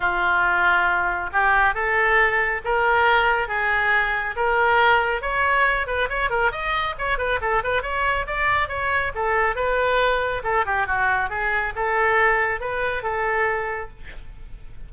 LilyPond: \new Staff \with { instrumentName = "oboe" } { \time 4/4 \tempo 4 = 138 f'2. g'4 | a'2 ais'2 | gis'2 ais'2 | cis''4. b'8 cis''8 ais'8 dis''4 |
cis''8 b'8 a'8 b'8 cis''4 d''4 | cis''4 a'4 b'2 | a'8 g'8 fis'4 gis'4 a'4~ | a'4 b'4 a'2 | }